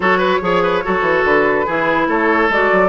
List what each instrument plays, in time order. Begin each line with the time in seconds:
0.00 bassoon F#3, clarinet F#4, oboe A4, flute C#5
0.18 oboe B4
0.41 bassoon F3, clarinet G#4, oboe C#5
0.62 oboe B4
0.83 bassoon F#3, clarinet F#4, oboe A4
1.01 bassoon E3
1.24 bassoon D3, flute B4
1.66 bassoon E3, clarinet E4, oboe G#4
2.07 bassoon A3, oboe A4, flute C#5
2.49 bassoon G#3, clarinet F#4, flute D5
2.72 bassoon F#3